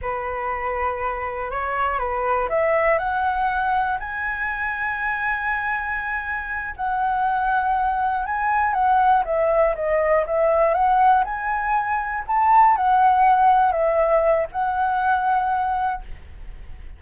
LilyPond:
\new Staff \with { instrumentName = "flute" } { \time 4/4 \tempo 4 = 120 b'2. cis''4 | b'4 e''4 fis''2 | gis''1~ | gis''4. fis''2~ fis''8~ |
fis''8 gis''4 fis''4 e''4 dis''8~ | dis''8 e''4 fis''4 gis''4.~ | gis''8 a''4 fis''2 e''8~ | e''4 fis''2. | }